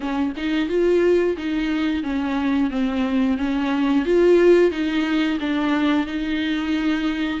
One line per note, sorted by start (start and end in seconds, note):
0.00 0.32 C#4
0.36 0.68 D#4
0.68 1.36 F4
1.37 2.03 D#4
2.03 2.70 C#4
2.70 3.37 C4
3.37 4.05 C#4
4.05 4.71 F4
4.71 5.38 D#4
5.40 6.06 D4
6.06 7.40 D#4